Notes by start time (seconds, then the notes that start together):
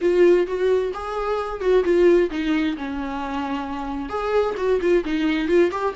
0.01 F4
0.46 F#4
0.93 G#4
1.60 F#4
1.84 F4
2.30 D#4
2.77 C#4
4.09 G#4
4.57 F#4
4.81 F4
5.04 D#4
5.48 F4
5.71 G4